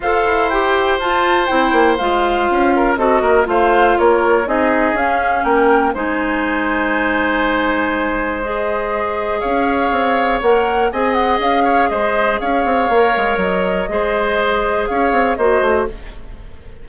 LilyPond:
<<
  \new Staff \with { instrumentName = "flute" } { \time 4/4 \tempo 4 = 121 f''4 g''4 a''4 g''4 | f''2 dis''4 f''4 | cis''4 dis''4 f''4 g''4 | gis''1~ |
gis''4 dis''2 f''4~ | f''4 fis''4 gis''8 fis''8 f''4 | dis''4 f''2 dis''4~ | dis''2 f''4 dis''4 | }
  \new Staff \with { instrumentName = "oboe" } { \time 4/4 c''1~ | c''4. ais'8 a'8 ais'8 c''4 | ais'4 gis'2 ais'4 | c''1~ |
c''2. cis''4~ | cis''2 dis''4. cis''8 | c''4 cis''2. | c''2 cis''4 c''4 | }
  \new Staff \with { instrumentName = "clarinet" } { \time 4/4 a'4 g'4 f'4 e'4 | f'2 fis'4 f'4~ | f'4 dis'4 cis'2 | dis'1~ |
dis'4 gis'2.~ | gis'4 ais'4 gis'2~ | gis'2 ais'2 | gis'2. fis'4 | }
  \new Staff \with { instrumentName = "bassoon" } { \time 4/4 f'8 e'4. f'4 c'8 ais8 | gis4 cis'4 c'8 ais8 a4 | ais4 c'4 cis'4 ais4 | gis1~ |
gis2. cis'4 | c'4 ais4 c'4 cis'4 | gis4 cis'8 c'8 ais8 gis8 fis4 | gis2 cis'8 c'8 ais8 a8 | }
>>